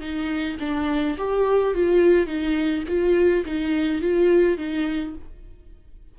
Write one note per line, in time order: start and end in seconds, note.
0.00 0.57 D#4
0.59 1.17 D4
1.17 1.74 G4
1.74 2.26 F4
2.26 2.84 D#4
2.88 3.45 F4
3.45 4.01 D#4
4.01 4.57 F4
4.57 5.14 D#4